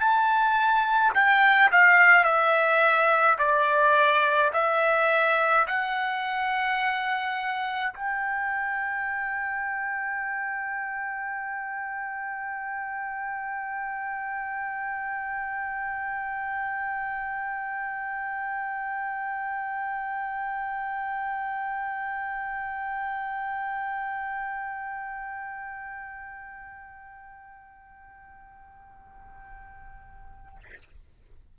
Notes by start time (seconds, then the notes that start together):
0.00 A5
1.14 G5
1.71 F5
2.24 E5
3.39 D5
4.53 E5
5.67 F#5
7.94 G5